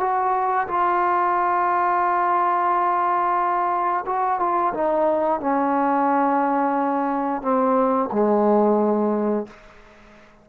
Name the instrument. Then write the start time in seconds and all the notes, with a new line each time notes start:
trombone
0.00 F#4
0.67 F4
4.06 F#4
4.40 F4
4.74 D#4
5.40 C#4
7.42 C4
8.12 G#3